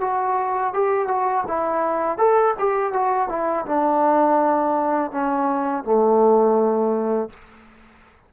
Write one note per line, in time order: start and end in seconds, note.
0.00 0.73 F#4
0.74 1.08 G4
1.08 1.44 F#4
1.47 2.18 E4
2.18 2.54 A4
2.59 2.93 G4
2.93 3.29 F#4
3.29 3.65 E4
3.66 5.11 D4
5.11 5.84 C#4
5.84 7.30 A3